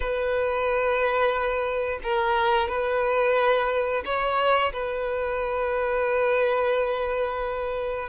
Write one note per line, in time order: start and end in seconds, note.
0.00 1.99 B4
2.03 2.68 A#4
2.68 4.03 B4
4.04 4.72 C#5
4.73 8.09 B4